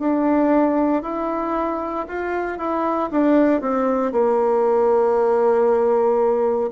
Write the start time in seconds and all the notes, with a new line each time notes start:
0.00 D4
1.03 E4
2.08 F4
2.59 E4
3.12 D4
3.62 C4
4.12 A#3